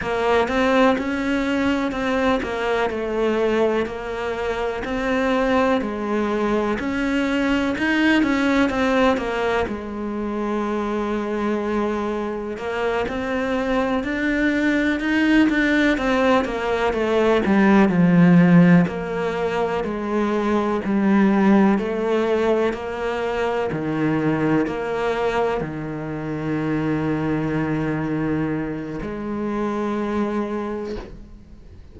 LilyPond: \new Staff \with { instrumentName = "cello" } { \time 4/4 \tempo 4 = 62 ais8 c'8 cis'4 c'8 ais8 a4 | ais4 c'4 gis4 cis'4 | dis'8 cis'8 c'8 ais8 gis2~ | gis4 ais8 c'4 d'4 dis'8 |
d'8 c'8 ais8 a8 g8 f4 ais8~ | ais8 gis4 g4 a4 ais8~ | ais8 dis4 ais4 dis4.~ | dis2 gis2 | }